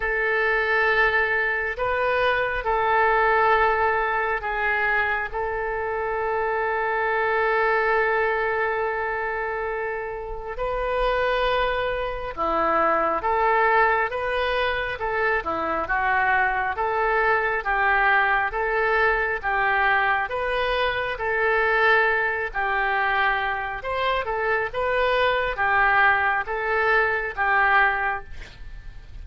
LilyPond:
\new Staff \with { instrumentName = "oboe" } { \time 4/4 \tempo 4 = 68 a'2 b'4 a'4~ | a'4 gis'4 a'2~ | a'1 | b'2 e'4 a'4 |
b'4 a'8 e'8 fis'4 a'4 | g'4 a'4 g'4 b'4 | a'4. g'4. c''8 a'8 | b'4 g'4 a'4 g'4 | }